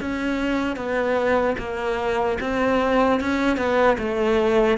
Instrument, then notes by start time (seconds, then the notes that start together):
cello
0.00 C#4
0.76 B3
1.58 A#3
2.41 C4
3.20 C#4
3.57 B3
3.98 A3